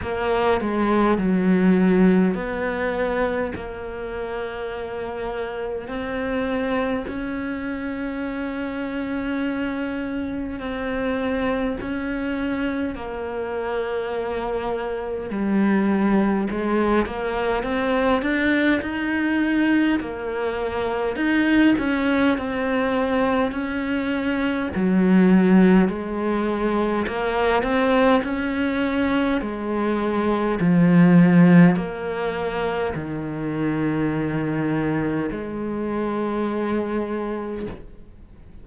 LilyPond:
\new Staff \with { instrumentName = "cello" } { \time 4/4 \tempo 4 = 51 ais8 gis8 fis4 b4 ais4~ | ais4 c'4 cis'2~ | cis'4 c'4 cis'4 ais4~ | ais4 g4 gis8 ais8 c'8 d'8 |
dis'4 ais4 dis'8 cis'8 c'4 | cis'4 fis4 gis4 ais8 c'8 | cis'4 gis4 f4 ais4 | dis2 gis2 | }